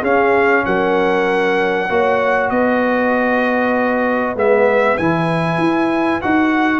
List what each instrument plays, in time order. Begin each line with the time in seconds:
0.00 tuba C#4, trombone C#4, horn G#4, trumpet F5
0.65 tuba F#3, horn A#4, trumpet F#5
1.89 tuba A#3, trombone F#4, horn C#5
2.49 tuba B3, horn B4, trumpet D#5
4.35 tuba G#3, trombone B3, trumpet E5
4.97 tuba E3, trombone E4, trumpet G#5
5.57 tuba E4
6.21 tuba D#4, trombone F#4, trumpet F#5